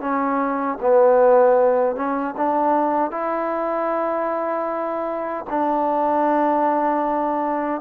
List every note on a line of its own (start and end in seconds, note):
0.00 0.78 C#4
0.81 1.96 B3
1.96 2.34 C#4
2.37 3.11 D4
3.11 5.45 E4
5.50 7.81 D4